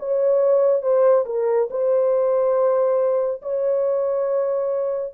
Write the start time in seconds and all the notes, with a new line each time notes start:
0.00 C#5
0.82 C5
1.26 A#4
1.71 C5
3.42 C#5